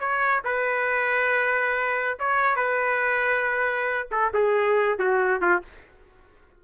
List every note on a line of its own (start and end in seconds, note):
0.00 0.43 C#5
0.45 2.19 B4
2.20 2.57 C#5
2.57 4.09 B4
4.12 4.34 A4
4.34 4.99 G#4
4.99 5.42 F#4
5.42 5.63 F4